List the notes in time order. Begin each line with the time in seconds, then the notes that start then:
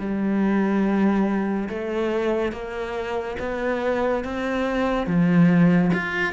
0.00 G3
1.70 A3
2.52 A#3
3.40 B3
4.24 C4
5.07 F3
5.94 F4